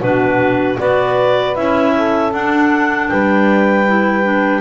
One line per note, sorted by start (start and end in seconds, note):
0.00 0.77 B2
0.00 0.78 D4
0.00 0.78 F#4
0.00 0.78 B4
0.78 1.56 B3
0.78 1.55 F#4
0.78 1.93 B4
0.78 1.55 D5
1.55 2.33 C#4
1.55 2.32 E4
1.55 2.32 E5
1.95 3.10 A4
2.32 3.86 D4
2.32 3.09 D4
2.32 3.08 F#5
3.08 4.61 G3
3.08 4.61 B4
3.08 4.61 G5
3.86 4.23 E4
4.23 4.61 D4